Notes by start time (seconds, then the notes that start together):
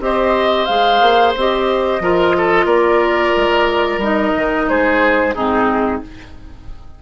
0.00 C4 G4 C5 D#5
0.65 G#3 G#4 F5
1.01 A#3
1.36 C4 G4 D#5
2.00 F3 F4 A#4
2.37 A4
2.65 A#3 A#4 D5
3.36 G#3
3.97 G3 D#4 D#5
4.36 D#3
4.69 G#3 G#4 C5
5.34 G#2 C4 D#4 G#4